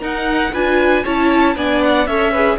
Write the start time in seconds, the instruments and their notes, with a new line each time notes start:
0.00 viola D#4, cello D#4, violin A#4 F#5
0.52 cello D4, viola F4, violin B4 G#5
1.03 cello C#4, viola E4, violin C#5 A5
1.56 cello B3, viola D4, violin D5 G#5
1.82 violin F#5
2.06 cello C#4, viola A4, violin C#5 E5
2.31 viola G#4, violin B4